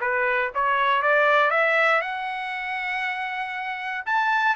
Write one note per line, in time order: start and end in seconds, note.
0.00 0.51 B4
0.54 1.02 C#5
1.02 1.50 D5
1.50 2.01 E5
2.01 4.04 F#5
4.06 4.55 A5